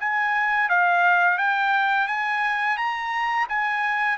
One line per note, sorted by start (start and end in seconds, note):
0.00 0.69 G#5
0.69 1.38 F5
1.38 2.07 G5
2.07 2.77 G#5
2.77 3.47 A#5
3.49 4.17 G#5